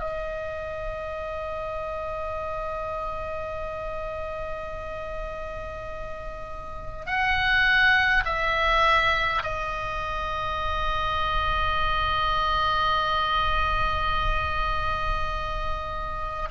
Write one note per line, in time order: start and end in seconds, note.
0.00 7.06 D#5
7.06 8.24 F#5
8.25 9.43 E5
9.43 16.49 D#5